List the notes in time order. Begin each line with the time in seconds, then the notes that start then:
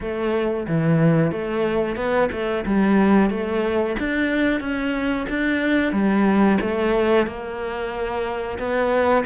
0.00 A3
0.67 E3
1.31 A3
1.96 B3
2.32 A3
2.65 G3
3.30 A3
3.99 D4
4.60 C#4
5.29 D4
5.92 G3
6.61 A3
7.26 A#3
8.58 B3